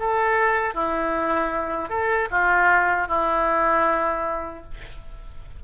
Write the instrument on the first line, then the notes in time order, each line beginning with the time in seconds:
oboe
0.00 A4
0.75 E4
1.89 A4
2.31 F4
3.08 E4